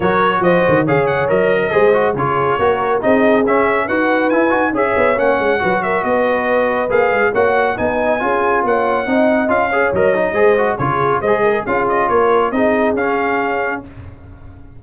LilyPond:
<<
  \new Staff \with { instrumentName = "trumpet" } { \time 4/4 \tempo 4 = 139 cis''4 dis''4 f''8 fis''8 dis''4~ | dis''4 cis''2 dis''4 | e''4 fis''4 gis''4 e''4 | fis''4. e''8 dis''2 |
f''4 fis''4 gis''2 | fis''2 f''4 dis''4~ | dis''4 cis''4 dis''4 f''8 dis''8 | cis''4 dis''4 f''2 | }
  \new Staff \with { instrumentName = "horn" } { \time 4/4 ais'4 c''4 cis''4.~ cis''16 ais'16 | c''4 gis'4 ais'4 gis'4~ | gis'4 b'2 cis''4~ | cis''4 b'8 ais'8 b'2~ |
b'4 cis''4 dis''4 gis'4 | cis''4 dis''4. cis''4. | c''4 gis'4 c''8 ais'8 gis'4 | ais'4 gis'2. | }
  \new Staff \with { instrumentName = "trombone" } { \time 4/4 fis'2 gis'4 ais'4 | gis'8 fis'8 f'4 fis'4 dis'4 | cis'4 fis'4 e'8 fis'8 gis'4 | cis'4 fis'2. |
gis'4 fis'4 dis'4 f'4~ | f'4 dis'4 f'8 gis'8 ais'8 dis'8 | gis'8 fis'8 f'4 gis'4 f'4~ | f'4 dis'4 cis'2 | }
  \new Staff \with { instrumentName = "tuba" } { \time 4/4 fis4 f8 dis8 cis4 fis4 | gis4 cis4 ais4 c'4 | cis'4 dis'4 e'8 dis'8 cis'8 b8 | ais8 gis8 fis4 b2 |
ais8 gis8 ais4 b4 cis'4 | ais4 c'4 cis'4 fis4 | gis4 cis4 gis4 cis'4 | ais4 c'4 cis'2 | }
>>